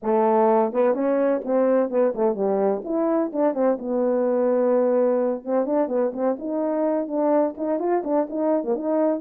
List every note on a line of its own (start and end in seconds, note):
0.02 0.72 A3
0.72 0.94 B3
0.94 1.41 C#4
1.44 1.90 C4
1.90 2.13 B3
2.14 2.35 A3
2.35 2.82 G3
2.84 3.31 E4
3.33 3.54 D4
3.54 3.77 C4
3.79 5.44 B3
5.44 5.65 C4
5.65 5.88 D4
5.88 6.11 B3
6.13 6.37 C4
6.38 7.07 D#4
7.07 7.54 D4
7.57 7.79 D#4
7.79 8.02 F4
8.04 8.27 D4
8.29 8.63 D#4
8.63 8.75 A#3
8.75 9.20 D#4